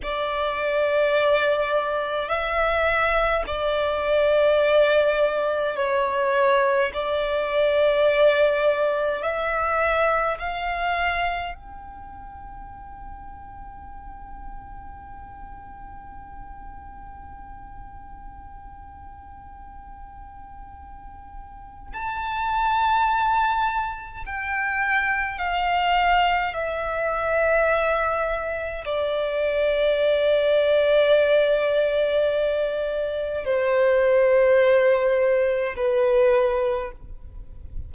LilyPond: \new Staff \with { instrumentName = "violin" } { \time 4/4 \tempo 4 = 52 d''2 e''4 d''4~ | d''4 cis''4 d''2 | e''4 f''4 g''2~ | g''1~ |
g''2. a''4~ | a''4 g''4 f''4 e''4~ | e''4 d''2.~ | d''4 c''2 b'4 | }